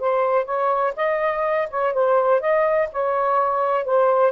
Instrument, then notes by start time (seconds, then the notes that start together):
saxophone
0.00 C5
0.45 C#5
0.96 D#5
1.70 C#5
1.94 C5
2.41 D#5
2.92 C#5
3.85 C5